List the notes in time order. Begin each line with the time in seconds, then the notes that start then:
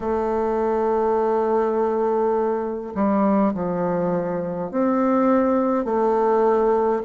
0.00 A3
2.94 G3
3.53 F3
4.71 C4
5.84 A3